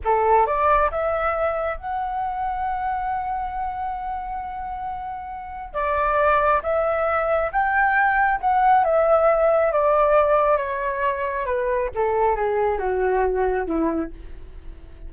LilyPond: \new Staff \with { instrumentName = "flute" } { \time 4/4 \tempo 4 = 136 a'4 d''4 e''2 | fis''1~ | fis''1~ | fis''4 d''2 e''4~ |
e''4 g''2 fis''4 | e''2 d''2 | cis''2 b'4 a'4 | gis'4 fis'2 e'4 | }